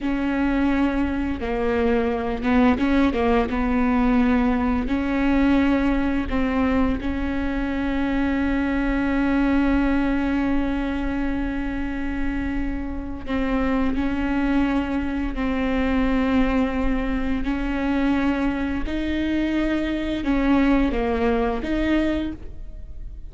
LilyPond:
\new Staff \with { instrumentName = "viola" } { \time 4/4 \tempo 4 = 86 cis'2 ais4. b8 | cis'8 ais8 b2 cis'4~ | cis'4 c'4 cis'2~ | cis'1~ |
cis'2. c'4 | cis'2 c'2~ | c'4 cis'2 dis'4~ | dis'4 cis'4 ais4 dis'4 | }